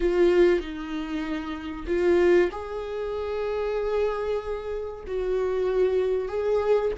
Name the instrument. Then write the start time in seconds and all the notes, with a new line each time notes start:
viola
0.00 F4
0.59 D#4
1.87 F4
2.51 G#4
5.07 F#4
6.28 G#4